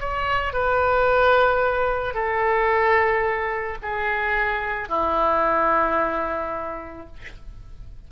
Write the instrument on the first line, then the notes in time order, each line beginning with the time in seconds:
oboe
0.00 C#5
0.53 B4
2.15 A4
3.82 G#4
4.89 E4